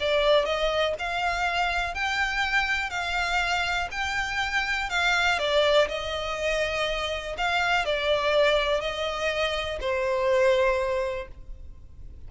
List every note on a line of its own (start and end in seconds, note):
0.00 0.45 D5
0.45 0.94 D#5
0.99 1.94 F5
1.94 2.90 G5
2.90 3.88 F5
3.91 4.89 G5
4.90 5.39 F5
5.39 5.88 D5
5.88 7.36 D#5
7.37 7.85 F5
7.85 8.81 D5
8.81 9.79 D#5
9.80 11.28 C5